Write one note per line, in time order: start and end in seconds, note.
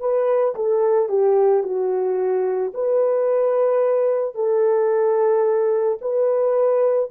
0.00 0.55 B4
0.55 1.09 A4
1.09 1.63 G4
1.63 2.72 F#4
2.73 4.34 B4
4.34 5.98 A4
6.00 7.10 B4